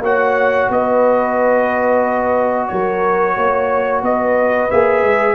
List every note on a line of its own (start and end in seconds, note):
0.00 0.67 A#3
0.00 4.71 F#4
0.00 0.71 C#5
0.00 0.72 F#5
0.70 2.70 B3
0.70 2.71 B4
0.70 2.68 D#5
2.68 3.37 F#3
2.68 3.35 A#4
2.68 4.02 C#5
3.35 4.02 A#3
3.35 4.02 C#5
4.02 4.69 B3
4.02 5.36 B4
4.02 4.71 D#5
4.71 5.03 A#3
4.71 5.36 G#4
4.71 5.36 E5
5.03 5.36 G#3